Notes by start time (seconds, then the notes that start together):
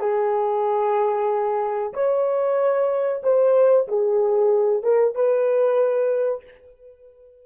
0.00 G#4
1.94 C#5
3.23 C5
3.88 G#4
4.83 A#4
5.16 B4